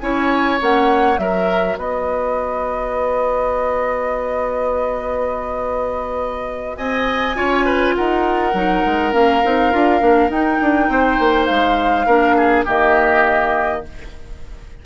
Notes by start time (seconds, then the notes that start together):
0.00 C#4 E4 C#5 G#5
0.61 A#3 C#4 F#5
1.18 F#3 F#4 A#4 E5
1.78 B3 B4 D#5
6.77 C4 D#5 G#5
7.35 C#4 F4 C#5
7.65 B4
7.96 D#4 A#4 F#5
8.54 F#3 D#4
8.86 G#3
9.13 A#3 C#4 F5
9.44 C4 D#4
9.72 D4 F4
10.00 A#3 D4
10.29 D#4 G5
10.61 D4
10.89 C4 C5
11.19 A#3
11.46 G#3 F5
12.06 A#3 D4 A#4
12.37 G#4
12.65 D#3 A#3 G4 D#5